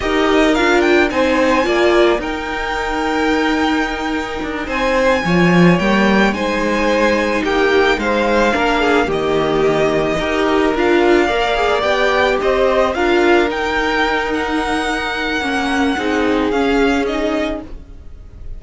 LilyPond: <<
  \new Staff \with { instrumentName = "violin" } { \time 4/4 \tempo 4 = 109 dis''4 f''8 g''8 gis''2 | g''1~ | g''8 gis''2 g''4 gis''8~ | gis''4. g''4 f''4.~ |
f''8 dis''2. f''8~ | f''4. g''4 dis''4 f''8~ | f''8 g''4. fis''2~ | fis''2 f''4 dis''4 | }
  \new Staff \with { instrumentName = "violin" } { \time 4/4 ais'2 c''4 d''4 | ais'1~ | ais'8 c''4 cis''2 c''8~ | c''4. g'4 c''4 ais'8 |
gis'8 g'2 ais'4.~ | ais'8 d''2 c''4 ais'8~ | ais'1~ | ais'4 gis'2. | }
  \new Staff \with { instrumentName = "viola" } { \time 4/4 g'4 f'4 dis'4 f'4 | dis'1~ | dis'4. f'4 ais4 dis'8~ | dis'2.~ dis'8 d'8~ |
d'8 ais2 g'4 f'8~ | f'8 ais'8 gis'8 g'2 f'8~ | f'8 dis'2.~ dis'8 | cis'4 dis'4 cis'4 dis'4 | }
  \new Staff \with { instrumentName = "cello" } { \time 4/4 dis'4 d'4 c'4 ais4 | dis'1 | d'8 c'4 f4 g4 gis8~ | gis4. ais4 gis4 ais8~ |
ais8 dis2 dis'4 d'8~ | d'8 ais4 b4 c'4 d'8~ | d'8 dis'2.~ dis'8 | ais4 c'4 cis'2 | }
>>